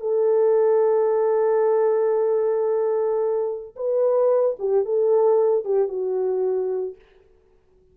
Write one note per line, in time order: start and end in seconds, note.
0.00 3.75 A4
3.75 4.56 B4
4.59 4.85 G4
4.85 5.64 A4
5.64 5.88 G4
5.88 6.95 F#4